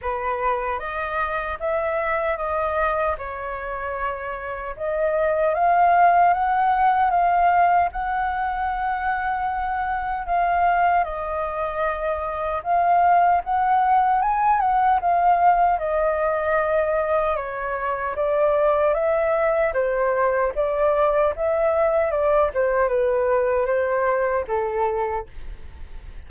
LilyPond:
\new Staff \with { instrumentName = "flute" } { \time 4/4 \tempo 4 = 76 b'4 dis''4 e''4 dis''4 | cis''2 dis''4 f''4 | fis''4 f''4 fis''2~ | fis''4 f''4 dis''2 |
f''4 fis''4 gis''8 fis''8 f''4 | dis''2 cis''4 d''4 | e''4 c''4 d''4 e''4 | d''8 c''8 b'4 c''4 a'4 | }